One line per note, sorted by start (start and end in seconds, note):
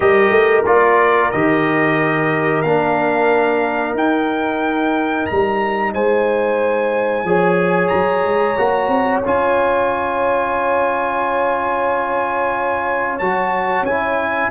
0.00 0.30 G3
0.00 0.64 G4
0.00 5.92 A#4
0.00 0.63 D#5
0.30 0.63 A3
0.65 1.31 A#3
0.65 1.32 F4
0.65 1.31 D5
1.31 2.63 D#3
1.31 2.64 G4
1.31 2.62 D#5
2.62 3.93 A#3
2.62 3.97 D4
2.62 3.94 F5
3.93 5.25 D#4
3.93 7.26 D#4
3.93 5.26 G5
5.26 5.94 G3
5.26 5.91 A#5
5.94 7.24 G#3
5.94 7.26 C5
5.94 7.87 G#5
7.24 7.90 F3
7.24 8.57 G#4
7.24 14.50 C#5
7.87 8.24 F#3
7.87 9.19 A#5
8.24 8.57 G#3
8.57 8.88 A#3
8.57 9.23 F#4
8.88 9.21 C4
9.24 13.20 C#4
9.24 13.20 F4
9.24 13.19 G#5
13.19 13.81 F#3
13.19 13.87 F#4
13.19 13.84 A5
13.81 14.47 C#4
13.81 14.50 E4
13.81 14.50 G#5